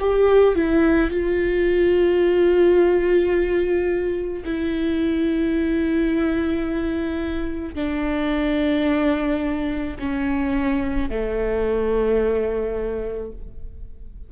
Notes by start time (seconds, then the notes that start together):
0.00 G4
0.56 E4
1.11 F4
4.45 E4
7.75 D4
9.99 C#4
11.10 A3